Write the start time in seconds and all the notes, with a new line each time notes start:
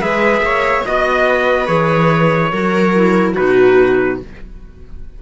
0.00 G#3 G#4 B4 E5
0.40 A#3 C#5
0.85 B3 F#4 D#5
1.29 B4
1.66 E3 G#4 C#5
2.52 F#3 F#4 A#4
2.95 E4
3.33 B2 D#4 F#4 B4